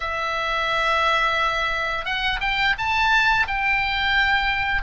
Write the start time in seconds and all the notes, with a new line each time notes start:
0.00 E5
2.05 F#5
2.40 G5
2.77 A5
3.47 G5